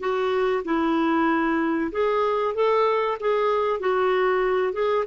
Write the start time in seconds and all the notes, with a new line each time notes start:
0.00 F#4
0.65 E4
1.92 G#4
2.55 A4
3.21 G#4
3.80 F#4
4.73 G#4